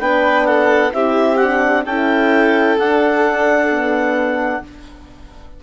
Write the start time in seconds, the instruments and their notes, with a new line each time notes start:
0.00 bassoon B3, horn D4, violin B4, clarinet G5
0.46 violin A4, clarinet F#5
0.93 bassoon C4, horn E4, violin G4, clarinet E5
1.37 horn D4, clarinet F#5
1.85 bassoon C#4, horn E4, violin A4, clarinet G5
2.78 bassoon D4, horn D4, clarinet F#5
3.71 horn B3